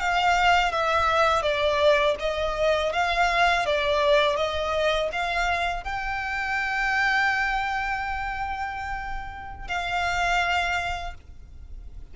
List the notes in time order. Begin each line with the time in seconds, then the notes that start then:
0.00 F5
0.72 E5
1.42 D5
2.19 D#5
2.93 F5
3.66 D5
4.36 D#5
5.12 F5
5.84 G5
9.68 F5